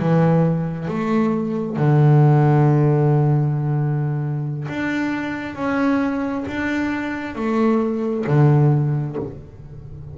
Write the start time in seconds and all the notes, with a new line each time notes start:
0.00 E3
0.88 A3
1.77 D3
4.69 D4
5.56 C#4
6.48 D4
7.36 A3
8.27 D3